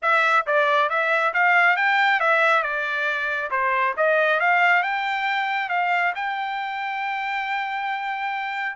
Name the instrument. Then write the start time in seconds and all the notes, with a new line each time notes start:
trumpet
0.02 E5
0.46 D5
0.89 E5
1.33 F5
1.76 G5
2.19 E5
2.62 D5
3.50 C5
3.96 D#5
4.40 F5
4.83 G5
5.69 F5
6.15 G5